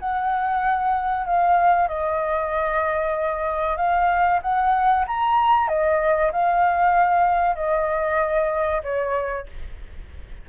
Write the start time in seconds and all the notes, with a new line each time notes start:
0.00 F#5
1.27 F5
1.89 D#5
3.77 F5
4.43 F#5
5.08 A#5
5.68 D#5
6.33 F5
7.56 D#5
8.84 C#5